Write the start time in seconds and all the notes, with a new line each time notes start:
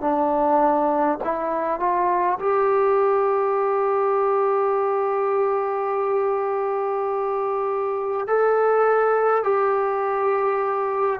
0.00 D4
1.24 E4
1.79 F4
2.39 G4
8.27 A4
9.43 G4